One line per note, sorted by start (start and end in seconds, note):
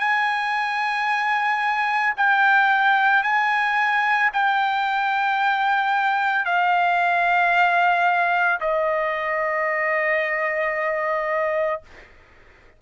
0.00 2.14 G#5
2.17 3.24 G5
3.24 4.31 G#5
4.34 6.46 G5
6.46 8.60 F5
8.61 11.82 D#5